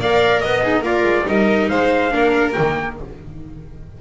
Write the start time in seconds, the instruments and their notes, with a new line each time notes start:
0.00 double bass A#3, viola A#4, violin D5, trumpet F5
0.41 double bass B3, trumpet D#5, violin D#5
0.63 violin D#4, viola G#4
0.82 double bass A#3, violin F4, viola A#4, trumpet D5
1.03 double bass G#3
1.26 double bass G3, viola D#4, violin A#4, trumpet D#5
1.69 double bass G#3, violin C5, trumpet F5
2.10 double bass A#3, viola D4, violin A#4
2.53 double bass D#3, viola A#3, trumpet G5